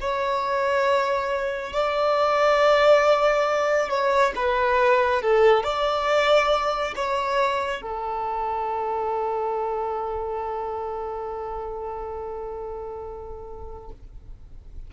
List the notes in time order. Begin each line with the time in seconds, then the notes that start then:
0.00 C#5
1.73 D5
3.89 C#5
4.36 B4
5.22 A4
5.64 D5
6.96 C#5
7.81 A4